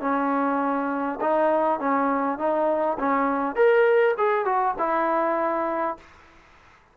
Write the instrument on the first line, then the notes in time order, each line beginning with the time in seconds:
trombone
0.00 C#4
1.20 D#4
1.79 C#4
2.38 D#4
2.98 C#4
3.55 A#4
4.17 G#4
4.45 F#4
4.78 E4